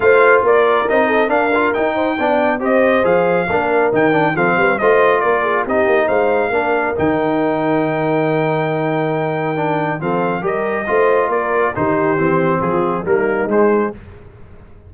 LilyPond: <<
  \new Staff \with { instrumentName = "trumpet" } { \time 4/4 \tempo 4 = 138 f''4 d''4 dis''4 f''4 | g''2 dis''4 f''4~ | f''4 g''4 f''4 dis''4 | d''4 dis''4 f''2 |
g''1~ | g''2. f''4 | dis''2 d''4 c''4~ | c''4 gis'4 ais'4 c''4 | }
  \new Staff \with { instrumentName = "horn" } { \time 4/4 c''4 ais'4. a'8 ais'4~ | ais'8 c''8 d''4 c''2 | ais'2 a'8 b'8 c''4 | ais'8 gis'8 g'4 c''4 ais'4~ |
ais'1~ | ais'2. a'4 | ais'4 c''4 ais'4 g'4~ | g'4 f'4 dis'2 | }
  \new Staff \with { instrumentName = "trombone" } { \time 4/4 f'2 dis'4 d'8 f'8 | dis'4 d'4 g'4 gis'4 | d'4 dis'8 d'8 c'4 f'4~ | f'4 dis'2 d'4 |
dis'1~ | dis'2 d'4 c'4 | g'4 f'2 dis'4 | c'2 ais4 gis4 | }
  \new Staff \with { instrumentName = "tuba" } { \time 4/4 a4 ais4 c'4 d'4 | dis'4 b4 c'4 f4 | ais4 dis4 f8 g8 a4 | ais4 c'8 ais8 gis4 ais4 |
dis1~ | dis2. f4 | g4 a4 ais4 dis4 | e4 f4 g4 gis4 | }
>>